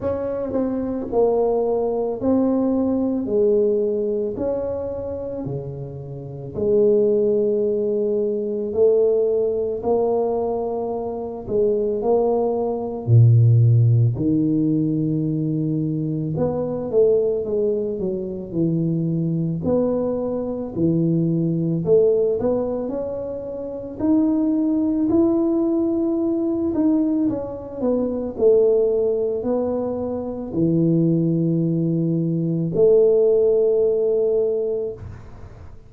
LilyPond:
\new Staff \with { instrumentName = "tuba" } { \time 4/4 \tempo 4 = 55 cis'8 c'8 ais4 c'4 gis4 | cis'4 cis4 gis2 | a4 ais4. gis8 ais4 | ais,4 dis2 b8 a8 |
gis8 fis8 e4 b4 e4 | a8 b8 cis'4 dis'4 e'4~ | e'8 dis'8 cis'8 b8 a4 b4 | e2 a2 | }